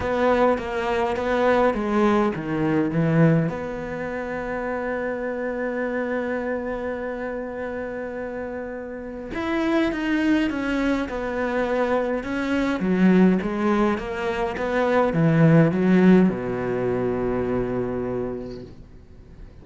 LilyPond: \new Staff \with { instrumentName = "cello" } { \time 4/4 \tempo 4 = 103 b4 ais4 b4 gis4 | dis4 e4 b2~ | b1~ | b1 |
e'4 dis'4 cis'4 b4~ | b4 cis'4 fis4 gis4 | ais4 b4 e4 fis4 | b,1 | }